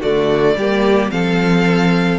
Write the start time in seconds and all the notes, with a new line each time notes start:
0.00 D3 A3 F#4 D5
0.56 G3 A#3 G4
1.10 F3 C4 A4 F5